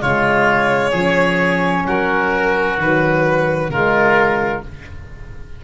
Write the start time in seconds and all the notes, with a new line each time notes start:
0.00 C#3 G#3 F4 C#5
0.91 F3 C#4 G#4
1.86 F#3 F#4 A#4
2.78 D#3 F#3 B4
3.69 C#3 G#3 F4 A#4